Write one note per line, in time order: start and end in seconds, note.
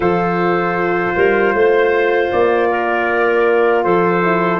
0.00 1.12 F3
0.00 4.23 F4
0.00 1.15 A4
0.00 2.30 C5
1.15 1.54 G3
1.15 1.54 A#4
1.54 2.30 A3
1.54 2.69 C5
2.31 3.84 A#3
2.31 3.83 D5
2.69 3.84 A#4
3.83 4.60 F3
3.83 4.60 A4
3.83 4.60 C5
4.23 4.60 E4